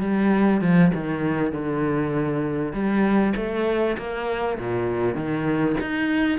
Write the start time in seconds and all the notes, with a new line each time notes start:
0.00 G3
0.61 F3
0.94 D#3
1.52 D3
2.72 G3
3.36 A3
3.97 A#3
4.58 A#2
5.15 D#3
5.80 D#4